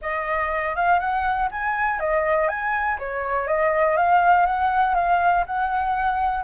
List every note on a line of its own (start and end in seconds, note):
0.01 0.75 D#5
0.75 0.99 F5
0.99 1.49 F#5
1.51 1.99 G#5
1.99 2.48 D#5
2.48 2.98 G#5
2.98 3.47 C#5
3.47 3.96 D#5
3.97 4.46 F5
4.46 4.95 F#5
4.95 5.44 F5
5.46 6.43 F#5